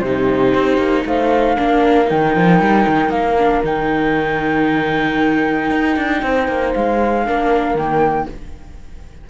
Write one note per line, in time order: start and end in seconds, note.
0.00 0.53 C3
0.00 1.57 D#4
0.00 1.03 G4
0.00 1.04 C5
0.55 0.78 C4
0.78 1.04 A#3
1.06 1.58 A3
1.06 1.57 C5
1.06 2.10 F5
1.57 2.11 A#3
1.57 2.05 D4
1.57 6.23 A#4
2.05 2.36 D#3
2.05 3.35 D#4
2.05 3.11 G5
2.36 2.60 F3
2.60 2.86 G3
2.87 3.09 D#3
3.09 3.61 A#3
3.09 3.63 F5
3.39 3.64 D4
3.64 5.71 D#3
3.64 7.25 D#4
3.64 6.74 G5
5.71 5.97 D#4
5.97 6.22 D4
6.22 6.48 C4
6.22 7.27 C5
6.48 6.74 A#3
6.74 7.28 G#3
6.74 7.77 F5
7.25 7.75 A#3
7.25 7.77 D4
7.25 8.30 A#4
7.75 8.27 D#3
7.75 8.30 A#3
7.75 8.29 G5